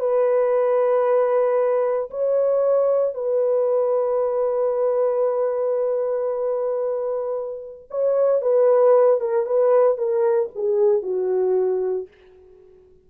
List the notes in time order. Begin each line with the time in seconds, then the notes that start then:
0.00 B4
2.11 C#5
3.15 B4
7.91 C#5
8.42 B4
9.21 A#4
9.46 B4
9.98 A#4
10.56 G#4
11.03 F#4